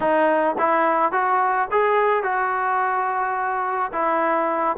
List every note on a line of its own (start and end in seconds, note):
0.00 0.56 D#4
0.58 1.12 E4
1.12 1.68 F#4
1.71 2.23 G#4
2.23 3.91 F#4
3.92 4.76 E4